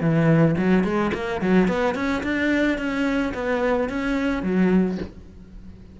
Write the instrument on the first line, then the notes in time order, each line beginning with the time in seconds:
cello
0.00 E3
0.58 F#3
0.84 G#3
1.14 A#3
1.41 F#3
1.68 B3
1.95 C#4
2.23 D4
2.78 C#4
3.34 B3
3.89 C#4
4.43 F#3